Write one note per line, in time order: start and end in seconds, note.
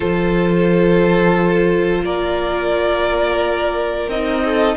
0.00 2.02 F3
0.00 4.09 F4
0.00 2.02 A4
0.00 2.04 C5
2.02 4.07 A#3
2.02 4.43 A#4
2.02 4.09 D5
4.08 4.76 C4
4.08 4.76 D#4
4.08 4.76 D#5
4.44 4.76 A4